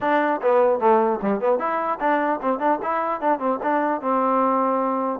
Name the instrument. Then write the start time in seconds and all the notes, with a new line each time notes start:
trombone
0.00 D4
0.41 B3
0.79 A3
1.21 G3
1.40 B3
1.58 E4
2.00 D4
2.42 C4
2.59 D4
2.82 E4
3.20 D4
3.39 C4
3.62 D4
4.01 C4